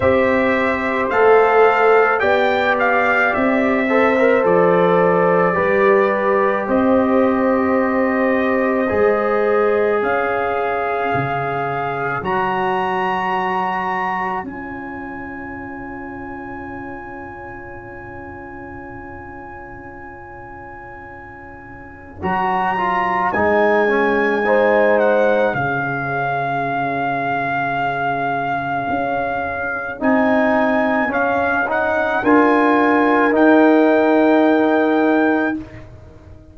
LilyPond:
<<
  \new Staff \with { instrumentName = "trumpet" } { \time 4/4 \tempo 4 = 54 e''4 f''4 g''8 f''8 e''4 | d''2 dis''2~ | dis''4 f''2 ais''4~ | ais''4 gis''2.~ |
gis''1 | ais''4 gis''4. fis''8 f''4~ | f''2. gis''4 | f''8 fis''8 gis''4 g''2 | }
  \new Staff \with { instrumentName = "horn" } { \time 4/4 c''2 d''4. c''8~ | c''4 b'4 c''2~ | c''4 cis''2.~ | cis''1~ |
cis''1~ | cis''2 c''4 gis'4~ | gis'1~ | gis'4 ais'2. | }
  \new Staff \with { instrumentName = "trombone" } { \time 4/4 g'4 a'4 g'4. a'16 ais'16 | a'4 g'2. | gis'2. fis'4~ | fis'4 f'2.~ |
f'1 | fis'8 f'8 dis'8 cis'8 dis'4 cis'4~ | cis'2. dis'4 | cis'8 dis'8 f'4 dis'2 | }
  \new Staff \with { instrumentName = "tuba" } { \time 4/4 c'4 a4 b4 c'4 | f4 g4 c'2 | gis4 cis'4 cis4 fis4~ | fis4 cis'2.~ |
cis'1 | fis4 gis2 cis4~ | cis2 cis'4 c'4 | cis'4 d'4 dis'2 | }
>>